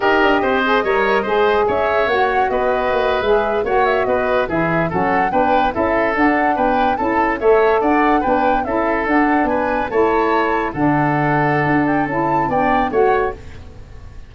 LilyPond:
<<
  \new Staff \with { instrumentName = "flute" } { \time 4/4 \tempo 4 = 144 dis''1 | e''4 fis''4 dis''4.~ dis''16 e''16~ | e''8. fis''8 e''8 dis''4 e''4 fis''16~ | fis''8. g''4 e''4 fis''4 g''16~ |
g''8. a''4 e''4 fis''4 g''16~ | g''8. e''4 fis''4 gis''4 a''16~ | a''4.~ a''16 fis''2~ fis''16~ | fis''8 g''8 a''4 g''4 fis''4 | }
  \new Staff \with { instrumentName = "oboe" } { \time 4/4 ais'4 c''4 cis''4 c''4 | cis''2 b'2~ | b'8. cis''4 b'4 gis'4 a'16~ | a'8. b'4 a'2 b'16~ |
b'8. a'4 cis''4 d''4 b'16~ | b'8. a'2 b'4 cis''16~ | cis''4.~ cis''16 a'2~ a'16~ | a'2 d''4 cis''4 | }
  \new Staff \with { instrumentName = "saxophone" } { \time 4/4 g'4. gis'8 ais'4 gis'4~ | gis'4 fis'2~ fis'8. gis'16~ | gis'8. fis'2 e'4 cis'16~ | cis'8. d'4 e'4 d'4~ d'16~ |
d'8. e'4 a'2 d'16~ | d'8. e'4 d'2 e'16~ | e'4.~ e'16 d'2~ d'16~ | d'4 e'4 d'4 fis'4 | }
  \new Staff \with { instrumentName = "tuba" } { \time 4/4 dis'8 d'8 c'4 g4 gis4 | cis'4 ais4 b4 ais8. gis16~ | gis8. ais4 b4 e4 fis16~ | fis8. b4 cis'4 d'4 b16~ |
b8. cis'4 a4 d'4 b16~ | b8. cis'4 d'4 b4 a16~ | a4.~ a16 d2~ d16 | d'4 cis'4 b4 a4 | }
>>